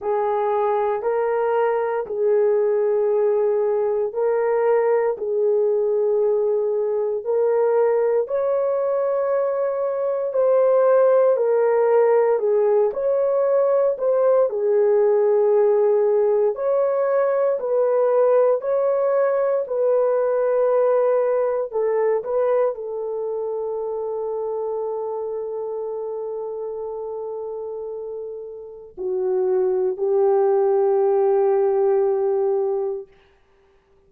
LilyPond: \new Staff \with { instrumentName = "horn" } { \time 4/4 \tempo 4 = 58 gis'4 ais'4 gis'2 | ais'4 gis'2 ais'4 | cis''2 c''4 ais'4 | gis'8 cis''4 c''8 gis'2 |
cis''4 b'4 cis''4 b'4~ | b'4 a'8 b'8 a'2~ | a'1 | fis'4 g'2. | }